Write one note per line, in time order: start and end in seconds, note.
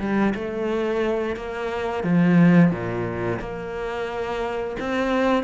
0.00 0.34 G3
0.35 1.37 A3
1.37 2.04 A#3
2.04 2.71 F3
2.71 3.40 A#2
3.40 4.77 A#3
4.80 5.44 C4